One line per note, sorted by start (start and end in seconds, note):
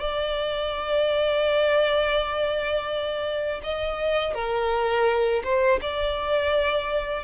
0.00 3.61 D5
3.64 4.35 D#5
4.35 5.43 A#4
5.44 5.80 C5
5.82 7.25 D5